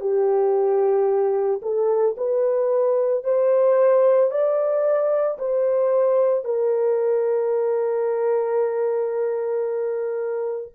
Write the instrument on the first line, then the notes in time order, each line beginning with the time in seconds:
horn
0.00 G4
1.62 A4
2.17 B4
3.24 C5
4.30 D5
5.38 C5
6.44 A#4